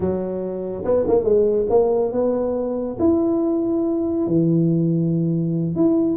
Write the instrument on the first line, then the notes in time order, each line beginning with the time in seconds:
tuba
0.00 F#3
0.85 B3
1.07 A#3
1.23 G#3
1.69 A#3
2.11 B3
2.99 E4
4.26 E3
5.75 E4